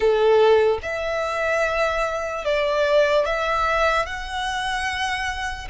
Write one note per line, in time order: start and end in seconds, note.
0.00 0.79 A4
0.82 2.44 E5
2.44 3.25 D5
3.25 4.05 E5
4.05 5.68 F#5